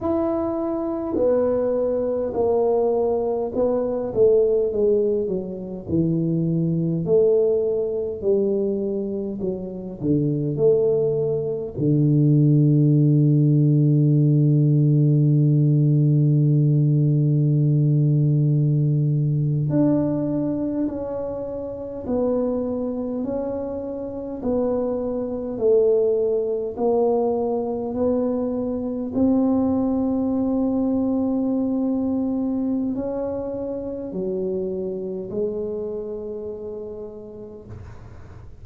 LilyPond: \new Staff \with { instrumentName = "tuba" } { \time 4/4 \tempo 4 = 51 e'4 b4 ais4 b8 a8 | gis8 fis8 e4 a4 g4 | fis8 d8 a4 d2~ | d1~ |
d8. d'4 cis'4 b4 cis'16~ | cis'8. b4 a4 ais4 b16~ | b8. c'2.~ c'16 | cis'4 fis4 gis2 | }